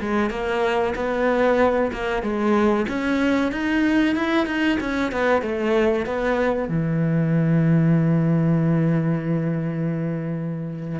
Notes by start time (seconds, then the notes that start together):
0.00 G#3
0.30 A#3
0.95 B3
1.92 A#3
2.22 G#3
2.88 C#4
3.52 D#4
4.15 E4
4.46 D#4
4.80 C#4
5.11 B3
5.42 A3
6.05 B3
6.68 E3